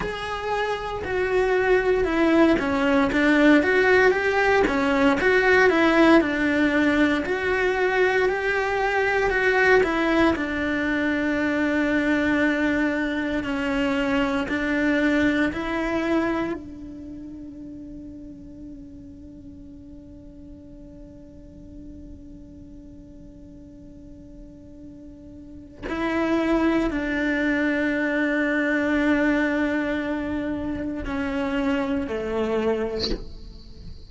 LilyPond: \new Staff \with { instrumentName = "cello" } { \time 4/4 \tempo 4 = 58 gis'4 fis'4 e'8 cis'8 d'8 fis'8 | g'8 cis'8 fis'8 e'8 d'4 fis'4 | g'4 fis'8 e'8 d'2~ | d'4 cis'4 d'4 e'4 |
d'1~ | d'1~ | d'4 e'4 d'2~ | d'2 cis'4 a4 | }